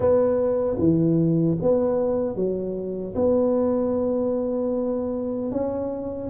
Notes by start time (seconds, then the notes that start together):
0.00 B3
0.78 E3
1.61 B3
2.35 F#3
3.15 B3
5.51 C#4